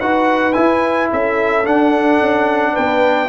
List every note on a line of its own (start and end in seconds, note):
0.00 0.55 D#4
0.00 0.53 F#4
0.00 1.10 B4
0.00 0.53 F#5
0.53 1.64 E4
0.53 1.12 E4
0.53 1.08 G#5
1.11 1.67 C#4
1.11 2.72 A4
1.11 1.66 E5
1.64 3.29 D4
1.64 2.20 D4
1.64 2.76 F#5
2.20 2.75 C#4
2.72 3.29 B3
2.72 3.27 B4
2.72 3.29 G5